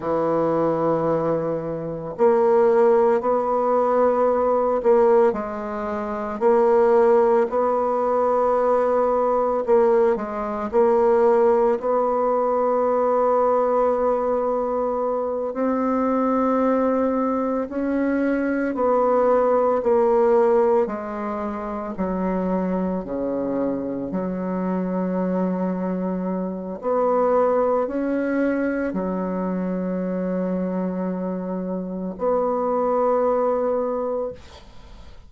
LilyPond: \new Staff \with { instrumentName = "bassoon" } { \time 4/4 \tempo 4 = 56 e2 ais4 b4~ | b8 ais8 gis4 ais4 b4~ | b4 ais8 gis8 ais4 b4~ | b2~ b8 c'4.~ |
c'8 cis'4 b4 ais4 gis8~ | gis8 fis4 cis4 fis4.~ | fis4 b4 cis'4 fis4~ | fis2 b2 | }